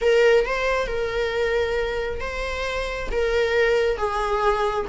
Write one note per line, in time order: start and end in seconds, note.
0.01 0.45 A#4
0.45 0.87 C5
0.87 2.20 A#4
2.20 3.09 C5
3.11 3.97 A#4
3.97 4.86 G#4